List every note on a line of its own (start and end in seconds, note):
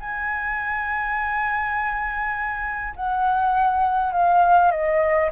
0.00 2.94 G#5
2.96 4.13 F#5
4.13 4.71 F5
4.71 5.30 D#5